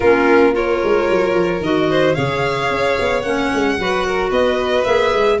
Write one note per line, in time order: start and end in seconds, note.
0.00 0.79 A#3
0.00 0.52 C#4
0.00 0.53 F4
0.00 0.54 A#4
0.52 1.61 F4
0.52 1.89 A#4
0.52 1.63 C#5
0.84 1.10 G#3
1.10 1.34 F#3
1.34 1.60 F3
1.60 2.14 D#3
1.60 2.15 F#4
1.60 2.14 D#5
1.90 2.15 C5
2.14 2.70 C#3
2.14 3.23 G#4
2.14 3.77 C#5
2.14 3.22 F5
2.70 2.97 C#4
2.99 3.24 B3
3.22 3.51 A#3
3.22 3.78 C#4
3.22 4.30 F#5
3.53 3.78 G#3
3.78 4.30 F#3
3.78 4.84 F#4
3.78 4.06 B4
4.06 4.29 A#4
4.29 4.84 B3
4.29 5.37 B4
4.29 4.84 D#5
4.84 5.13 A#3
4.84 5.38 G#4
4.84 5.38 E5
5.13 5.40 G#3